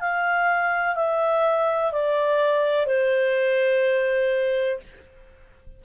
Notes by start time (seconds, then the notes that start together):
0.00 F5
0.95 E5
1.92 D5
2.86 C5